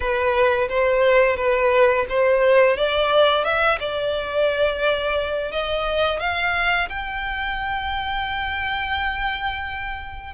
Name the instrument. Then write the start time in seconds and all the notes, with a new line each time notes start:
violin
0.00 B4
0.69 C5
1.36 B4
2.09 C5
2.76 D5
3.44 E5
3.79 D5
5.51 D#5
6.19 F5
6.89 G5